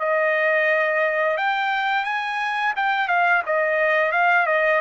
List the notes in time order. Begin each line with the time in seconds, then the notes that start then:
0.00 D#5
1.38 G5
2.05 G#5
2.76 G5
3.08 F5
3.46 D#5
4.12 F5
4.47 D#5